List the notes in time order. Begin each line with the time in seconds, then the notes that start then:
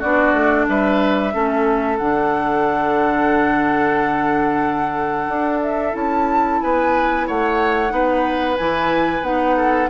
0.00 B3 D4 F#4 D5
0.33 A3
0.69 G3 B4 E5
1.33 A3 C#4 A4
1.98 D3 D4 F#5
5.28 D4
5.63 E5
5.92 C#4 E4 A5
6.62 B3 B4 G#5
7.27 A3 C#5 F#5
7.90 B3 D#4 B4
8.58 E3 E4 G#5
9.22 B3 D#4 F#5
9.57 A4